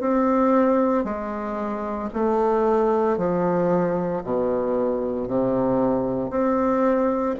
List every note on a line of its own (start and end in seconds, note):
0.00 1.04 C4
1.04 2.09 G#3
2.13 3.17 A3
3.17 4.22 F3
4.23 5.27 B2
5.27 6.30 C3
6.30 7.35 C4